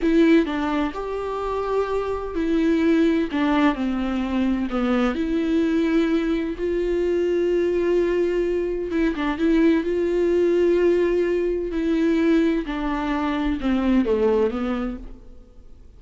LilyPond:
\new Staff \with { instrumentName = "viola" } { \time 4/4 \tempo 4 = 128 e'4 d'4 g'2~ | g'4 e'2 d'4 | c'2 b4 e'4~ | e'2 f'2~ |
f'2. e'8 d'8 | e'4 f'2.~ | f'4 e'2 d'4~ | d'4 c'4 a4 b4 | }